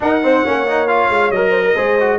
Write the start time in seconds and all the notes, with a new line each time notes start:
0.00 D#4 A#4 F#5
0.22 C4 C5
0.44 A#3 C#4 C#5
0.67 D#4
0.87 F4 F5
1.09 G#3
1.30 F#3 A#4 D#5
1.50 C5
1.64 A#4
1.75 G#3 G#4 C5
2.00 F#4